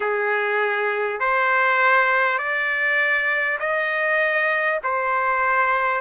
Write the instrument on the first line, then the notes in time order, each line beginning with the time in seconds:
trumpet
0.00 G#4
1.19 C5
2.38 D5
3.59 D#5
4.83 C5